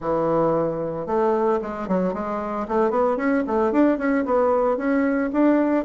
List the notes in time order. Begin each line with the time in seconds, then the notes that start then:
0.00 E3
1.06 A3
1.62 G#3
1.88 F#3
2.13 G#3
2.67 A3
2.90 B3
3.17 C#4
3.46 A3
3.71 D4
3.98 C#4
4.25 B3
4.77 C#4
5.32 D4